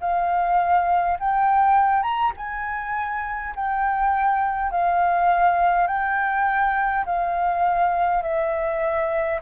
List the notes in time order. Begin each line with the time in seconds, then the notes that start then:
0.00 F5
1.19 G5
2.03 A#5
2.36 G#5
3.55 G5
4.71 F5
5.87 G5
7.05 F5
8.22 E5